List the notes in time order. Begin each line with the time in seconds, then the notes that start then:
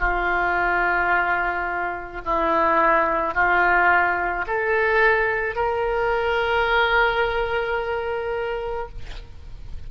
0.00 F4
2.25 E4
3.35 F4
4.47 A4
5.56 A#4